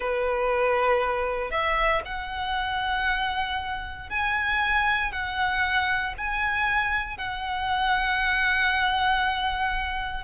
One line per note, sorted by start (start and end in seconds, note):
0.00 1.50 B4
1.50 2.02 E5
2.05 4.09 F#5
4.09 5.11 G#5
5.11 6.14 F#5
6.17 7.17 G#5
7.17 10.24 F#5